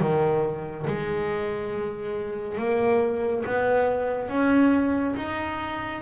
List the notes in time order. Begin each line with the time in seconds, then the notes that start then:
0.00 D#3
0.87 G#3
2.58 A#3
3.46 B3
4.29 C#4
5.16 D#4